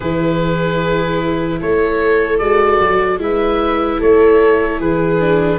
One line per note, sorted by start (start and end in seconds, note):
0.00 1.61 E3
0.00 2.40 E4
0.00 1.59 G#4
0.00 1.60 B4
1.60 2.39 A3
1.60 3.20 A4
1.60 2.38 C#5
2.38 2.79 G#3
2.38 3.19 F#4
2.38 3.18 D5
2.80 3.19 F#3
3.19 3.99 G#3
3.19 5.19 E4
3.19 3.99 B4
3.19 4.01 E5
3.99 4.80 A3
3.99 4.79 A4
3.99 4.81 C#5
4.79 5.59 E3
4.79 5.59 G#4
4.79 5.59 B4
5.19 5.59 D4